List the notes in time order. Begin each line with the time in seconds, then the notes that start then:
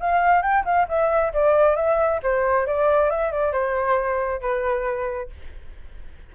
0.00 F5
0.42 G5
0.65 F5
0.88 E5
1.33 D5
1.76 E5
2.23 C5
2.66 D5
3.10 E5
3.32 D5
3.52 C5
4.41 B4